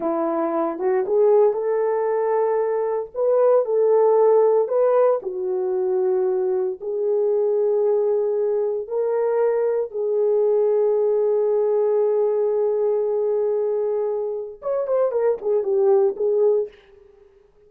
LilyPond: \new Staff \with { instrumentName = "horn" } { \time 4/4 \tempo 4 = 115 e'4. fis'8 gis'4 a'4~ | a'2 b'4 a'4~ | a'4 b'4 fis'2~ | fis'4 gis'2.~ |
gis'4 ais'2 gis'4~ | gis'1~ | gis'1 | cis''8 c''8 ais'8 gis'8 g'4 gis'4 | }